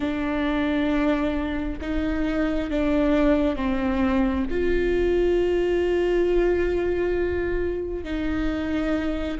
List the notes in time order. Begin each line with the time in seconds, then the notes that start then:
0.00 D4
1.81 D#4
2.70 D4
3.56 C4
4.50 F4
8.04 D#4